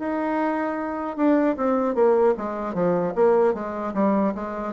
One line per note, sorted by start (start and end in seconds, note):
0.00 1.17 D#4
1.17 1.56 D4
1.57 1.95 C4
1.95 2.35 A#3
2.38 2.74 G#3
2.74 3.14 F3
3.16 3.55 A#3
3.55 3.94 G#3
3.94 4.34 G3
4.35 4.74 G#3